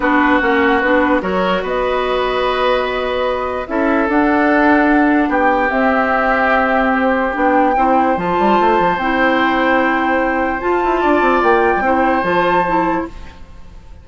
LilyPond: <<
  \new Staff \with { instrumentName = "flute" } { \time 4/4 \tempo 4 = 147 b'4 fis''4 b'4 cis''4 | dis''1~ | dis''4 e''4 fis''2~ | fis''4 g''4 e''2~ |
e''4 c''4 g''2 | a''2 g''2~ | g''2 a''2 | g''2 a''2 | }
  \new Staff \with { instrumentName = "oboe" } { \time 4/4 fis'2. ais'4 | b'1~ | b'4 a'2.~ | a'4 g'2.~ |
g'2. c''4~ | c''1~ | c''2. d''4~ | d''4 c''2. | }
  \new Staff \with { instrumentName = "clarinet" } { \time 4/4 d'4 cis'4 d'4 fis'4~ | fis'1~ | fis'4 e'4 d'2~ | d'2 c'2~ |
c'2 d'4 e'4 | f'2 e'2~ | e'2 f'2~ | f'4 e'4 f'4 e'4 | }
  \new Staff \with { instrumentName = "bassoon" } { \time 4/4 b4 ais4 b4 fis4 | b1~ | b4 cis'4 d'2~ | d'4 b4 c'2~ |
c'2 b4 c'4 | f8 g8 a8 f8 c'2~ | c'2 f'8 e'8 d'8 c'8 | ais8. g16 c'4 f2 | }
>>